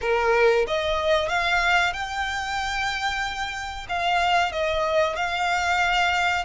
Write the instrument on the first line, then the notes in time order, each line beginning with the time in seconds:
violin
0.01 A#4
0.67 D#5
1.28 F5
1.93 G5
3.89 F5
4.52 D#5
5.16 F5